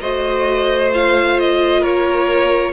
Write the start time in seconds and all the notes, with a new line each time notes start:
0.00 A3 F#4 C5 D#5
0.92 F4 F5
1.39 D#5
1.80 A#3 A#4 C#5